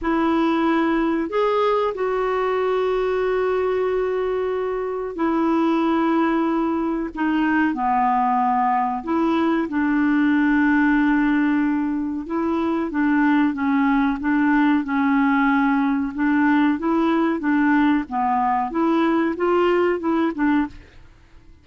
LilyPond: \new Staff \with { instrumentName = "clarinet" } { \time 4/4 \tempo 4 = 93 e'2 gis'4 fis'4~ | fis'1 | e'2. dis'4 | b2 e'4 d'4~ |
d'2. e'4 | d'4 cis'4 d'4 cis'4~ | cis'4 d'4 e'4 d'4 | b4 e'4 f'4 e'8 d'8 | }